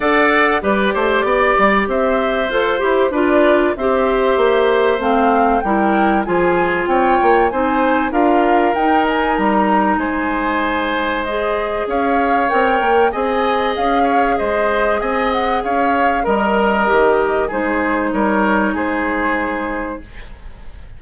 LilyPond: <<
  \new Staff \with { instrumentName = "flute" } { \time 4/4 \tempo 4 = 96 fis''4 d''2 e''4 | c''4 d''4 e''2 | f''4 g''4 gis''4 g''4 | gis''4 f''4 g''8 gis''8 ais''4 |
gis''2 dis''4 f''4 | g''4 gis''4 f''4 dis''4 | gis''8 fis''8 f''4 dis''2 | c''4 cis''4 c''2 | }
  \new Staff \with { instrumentName = "oboe" } { \time 4/4 d''4 b'8 c''8 d''4 c''4~ | c''4 b'4 c''2~ | c''4 ais'4 gis'4 cis''4 | c''4 ais'2. |
c''2. cis''4~ | cis''4 dis''4. cis''8 c''4 | dis''4 cis''4 ais'2 | gis'4 ais'4 gis'2 | }
  \new Staff \with { instrumentName = "clarinet" } { \time 4/4 a'4 g'2. | a'8 g'8 f'4 g'2 | c'4 e'4 f'2 | dis'4 f'4 dis'2~ |
dis'2 gis'2 | ais'4 gis'2.~ | gis'2 ais'4 g'4 | dis'1 | }
  \new Staff \with { instrumentName = "bassoon" } { \time 4/4 d'4 g8 a8 b8 g8 c'4 | f'8 e'8 d'4 c'4 ais4 | a4 g4 f4 c'8 ais8 | c'4 d'4 dis'4 g4 |
gis2. cis'4 | c'8 ais8 c'4 cis'4 gis4 | c'4 cis'4 g4 dis4 | gis4 g4 gis2 | }
>>